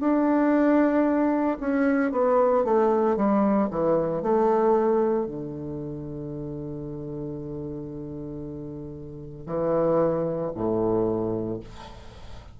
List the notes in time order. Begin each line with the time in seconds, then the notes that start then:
0.00 D4
1.60 C#4
2.11 B3
2.65 A3
3.16 G3
3.70 E3
4.22 A3
5.26 D3
9.46 E3
10.55 A2